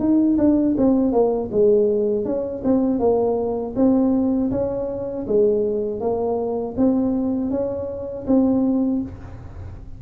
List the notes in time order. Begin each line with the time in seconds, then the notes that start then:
0.00 D#4
0.38 D4
0.78 C4
1.12 A#3
1.52 G#3
2.25 C#4
2.65 C4
3.00 A#3
3.76 C4
4.51 C#4
5.27 G#3
6.00 A#3
6.77 C4
7.51 C#4
8.27 C4